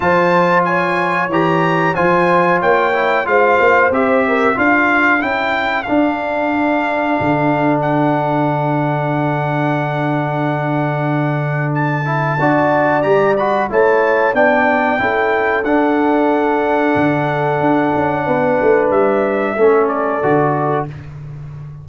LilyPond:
<<
  \new Staff \with { instrumentName = "trumpet" } { \time 4/4 \tempo 4 = 92 a''4 gis''4 ais''4 gis''4 | g''4 f''4 e''4 f''4 | g''4 f''2. | fis''1~ |
fis''2 a''2 | ais''8 b''8 a''4 g''2 | fis''1~ | fis''4 e''4. d''4. | }
  \new Staff \with { instrumentName = "horn" } { \time 4/4 c''4 cis''2 c''4 | cis''4 c''4. ais'8 a'4~ | a'1~ | a'1~ |
a'2. d''4~ | d''4 cis''4 d''4 a'4~ | a'1 | b'2 a'2 | }
  \new Staff \with { instrumentName = "trombone" } { \time 4/4 f'2 g'4 f'4~ | f'8 e'8 f'4 g'4 f'4 | e'4 d'2.~ | d'1~ |
d'2~ d'8 e'8 fis'4 | g'8 fis'8 e'4 d'4 e'4 | d'1~ | d'2 cis'4 fis'4 | }
  \new Staff \with { instrumentName = "tuba" } { \time 4/4 f2 e4 f4 | ais4 gis8 ais8 c'4 d'4 | cis'4 d'2 d4~ | d1~ |
d2. d'4 | g4 a4 b4 cis'4 | d'2 d4 d'8 cis'8 | b8 a8 g4 a4 d4 | }
>>